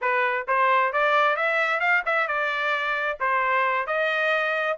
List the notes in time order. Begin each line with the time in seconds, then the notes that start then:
0.01 B4
0.47 C5
0.93 D5
1.36 E5
1.80 F5
2.05 E5
2.27 D5
3.20 C5
3.86 D#5